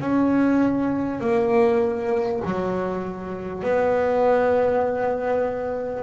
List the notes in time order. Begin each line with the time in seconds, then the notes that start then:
0.00 C#4
1.20 A#3
2.44 F#3
3.63 B3